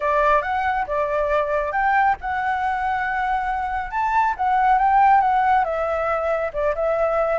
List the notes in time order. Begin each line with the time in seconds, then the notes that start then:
0.00 D5
0.42 F#5
0.87 D5
1.72 G5
2.20 F#5
3.91 A5
4.37 F#5
4.78 G5
5.21 F#5
5.64 E5
6.53 D5
6.75 E5